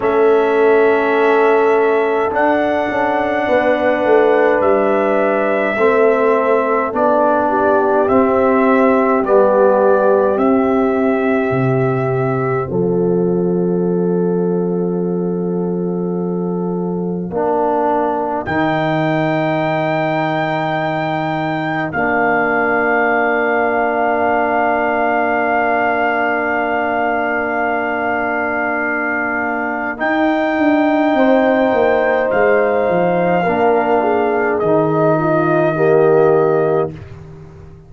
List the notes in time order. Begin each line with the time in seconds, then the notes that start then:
0.00 A3 C#4 A4 E5
2.30 D4 F#5
2.90 C#4
3.47 B3 B4
4.04 A3
4.60 G3 E5
5.77 A3 C4 A4
6.92 B3 D4 D5
7.48 G4
8.07 C4 E5
9.23 G3 B3 D5
10.36 C4 E5
11.50 C3
12.69 F3 A4 F5
17.30 A#3 D4 A#4
18.45 D#3 D#4 G5
21.92 A#3 D4 F5
29.97 D#4 G5
30.57 D4
31.14 C4 C5
31.72 A#3
32.31 G#3 F5
32.89 F3
33.43 A#3 D4 A#4
34.02 G#4
34.59 D#3 D#4 D#5
35.19 F4
35.75 A#3 G4